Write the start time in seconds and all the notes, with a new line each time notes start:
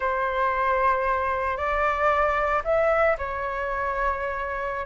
0.00 C5
1.57 D5
2.64 E5
3.17 C#5